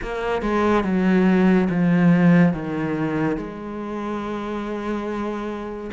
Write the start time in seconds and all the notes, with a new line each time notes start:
0.02 A#3
0.42 G#3
0.84 F#3
1.70 F3
2.53 D#3
3.37 G#3